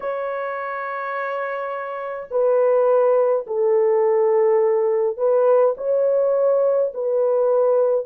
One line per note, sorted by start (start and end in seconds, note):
0.00 2.28 C#5
2.30 3.46 B4
3.46 5.17 A4
5.17 5.74 B4
5.77 6.92 C#5
6.94 8.05 B4